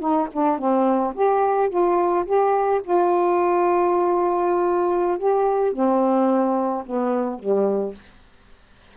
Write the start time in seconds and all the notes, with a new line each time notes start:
0.00 D#4
0.33 D4
0.59 C4
1.15 G4
1.69 F4
2.26 G4
2.84 F4
5.19 G4
5.73 C4
6.86 B3
7.39 G3